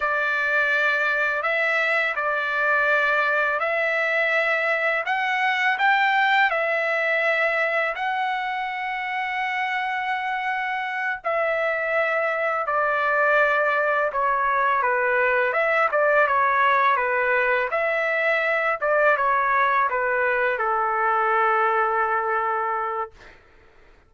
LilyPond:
\new Staff \with { instrumentName = "trumpet" } { \time 4/4 \tempo 4 = 83 d''2 e''4 d''4~ | d''4 e''2 fis''4 | g''4 e''2 fis''4~ | fis''2.~ fis''8 e''8~ |
e''4. d''2 cis''8~ | cis''8 b'4 e''8 d''8 cis''4 b'8~ | b'8 e''4. d''8 cis''4 b'8~ | b'8 a'2.~ a'8 | }